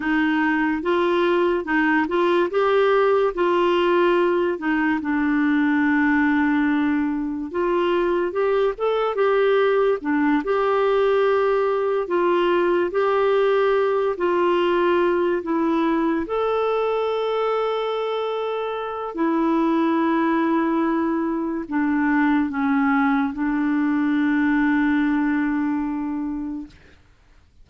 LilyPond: \new Staff \with { instrumentName = "clarinet" } { \time 4/4 \tempo 4 = 72 dis'4 f'4 dis'8 f'8 g'4 | f'4. dis'8 d'2~ | d'4 f'4 g'8 a'8 g'4 | d'8 g'2 f'4 g'8~ |
g'4 f'4. e'4 a'8~ | a'2. e'4~ | e'2 d'4 cis'4 | d'1 | }